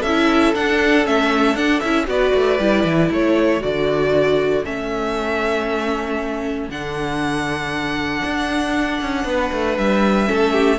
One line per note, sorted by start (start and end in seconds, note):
0.00 0.54 C#4
0.00 2.05 A4
0.00 0.54 E5
0.07 0.55 E4
0.55 1.04 D4
0.55 1.06 D4
0.55 1.06 F#5
1.04 1.55 A3
1.04 1.56 C#4
1.04 1.56 E5
1.55 1.80 D4
1.55 1.83 D4
1.55 1.80 F#5
1.80 2.07 C#4
1.80 2.06 E4
1.80 2.06 E5
2.06 2.33 B3
2.06 2.57 F#4
2.06 3.11 B4
2.06 3.12 D5
2.34 2.59 A3
2.59 2.84 G3
2.59 3.60 E4
2.84 3.10 E3
3.11 3.63 A3
3.11 9.26 A4
3.11 3.63 C#5
3.60 4.65 D3
3.60 4.63 F#4
3.60 4.65 D5
4.65 6.68 A3
4.65 6.70 C#4
4.65 6.70 E5
6.68 8.22 D3
6.68 10.27 D4
6.68 9.78 F#5
8.25 9.02 D4
9.02 9.25 C#4
9.25 9.50 B3
9.25 10.29 B4
9.52 9.78 A3
9.78 10.29 G3
9.78 10.79 E5
10.27 10.79 A3
10.27 10.78 C#4
10.27 10.53 A4
10.53 10.78 G4